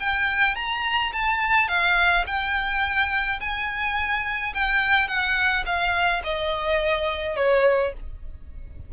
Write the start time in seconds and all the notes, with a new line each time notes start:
0.00 G5
0.56 A#5
1.13 A5
1.68 F5
2.27 G5
3.40 G#5
4.54 G5
5.08 F#5
5.66 F5
6.24 D#5
7.36 C#5